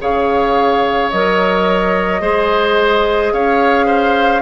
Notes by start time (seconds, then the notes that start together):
0.00 C#3 G#4 C#5 F5
1.11 F#3 A#4 D#5
2.21 G#3 G#4 C5
3.33 C#4 C#5 F5
3.87 C5